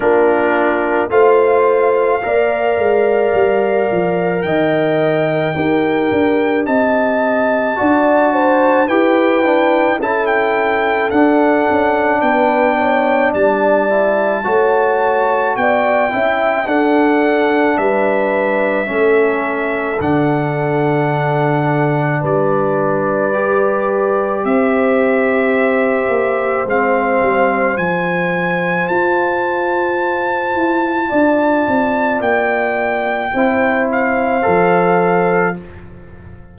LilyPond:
<<
  \new Staff \with { instrumentName = "trumpet" } { \time 4/4 \tempo 4 = 54 ais'4 f''2. | g''2 a''2 | g''4 a''16 g''8. fis''4 g''4 | a''2 g''4 fis''4 |
e''2 fis''2 | d''2 e''2 | f''4 gis''4 a''2~ | a''4 g''4. f''4. | }
  \new Staff \with { instrumentName = "horn" } { \time 4/4 f'4 c''4 d''2 | dis''4 ais'4 dis''4 d''8 c''8 | b'4 a'2 b'8 cis''8 | d''4 cis''4 d''8 e''8 a'4 |
b'4 a'2. | b'2 c''2~ | c''1 | d''2 c''2 | }
  \new Staff \with { instrumentName = "trombone" } { \time 4/4 d'4 f'4 ais'2~ | ais'4 g'2 fis'4 | g'8 d'8 e'4 d'2~ | d'8 e'8 fis'4. e'8 d'4~ |
d'4 cis'4 d'2~ | d'4 g'2. | c'4 f'2.~ | f'2 e'4 a'4 | }
  \new Staff \with { instrumentName = "tuba" } { \time 4/4 ais4 a4 ais8 gis8 g8 f8 | dis4 dis'8 d'8 c'4 d'4 | e'4 cis'4 d'8 cis'8 b4 | g4 a4 b8 cis'8 d'4 |
g4 a4 d2 | g2 c'4. ais8 | gis8 g8 f4 f'4. e'8 | d'8 c'8 ais4 c'4 f4 | }
>>